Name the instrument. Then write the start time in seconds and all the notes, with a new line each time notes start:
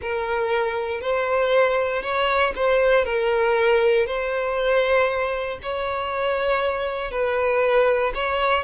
violin
0.01 A#4
1.01 C5
2.02 C#5
2.55 C5
3.04 A#4
4.06 C5
5.62 C#5
7.11 B4
8.14 C#5